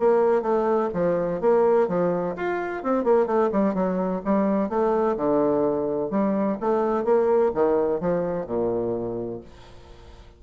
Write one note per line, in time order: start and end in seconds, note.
0.00 0.42 A#3
0.42 0.89 A3
0.94 1.41 F3
1.41 1.88 A#3
1.89 2.36 F3
2.36 2.83 F4
2.84 3.05 C4
3.05 3.27 A#3
3.27 3.50 A3
3.52 3.75 G3
3.75 4.22 F#3
4.25 4.70 G3
4.70 5.17 A3
5.17 6.11 D3
6.11 6.58 G3
6.61 7.05 A3
7.05 7.52 A#3
7.55 8.01 D#3
8.01 8.47 F3
8.47 9.41 A#2